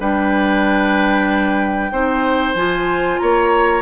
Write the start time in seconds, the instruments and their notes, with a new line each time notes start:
0.00 bassoon G3, clarinet D4, oboe B4, flute G5
1.91 bassoon C4, clarinet D#4, oboe C5
2.55 bassoon F3, clarinet F4, flute G#5
3.19 bassoon A#3, oboe C#5, flute A#5